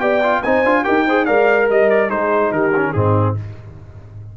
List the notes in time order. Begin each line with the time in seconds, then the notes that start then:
0.00 B3 G4 D5 G5
0.23 F4
0.43 C4 D#4 C5 G#5
0.64 D4 F4
0.84 D#4 G4 A#4 G5
1.06 G#4 C5
1.25 G#3 A#4 D5 F5
1.70 G3 D#5
1.90 D5
2.09 G#3 D#4 G#4 C5
2.51 D#3 G4 A#4
2.76 C#4
2.93 G#2 C4 D#4 G#4